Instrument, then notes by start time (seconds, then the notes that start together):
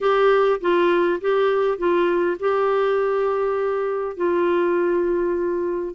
clarinet
0.01 G4
0.60 F4
1.20 G4
1.77 F4
2.39 G4
4.16 F4